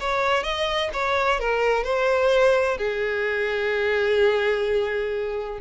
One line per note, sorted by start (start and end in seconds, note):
0.00 0.43 C#5
0.43 0.90 D#5
0.94 1.40 C#5
1.40 1.84 A#4
1.84 2.78 C5
2.78 5.59 G#4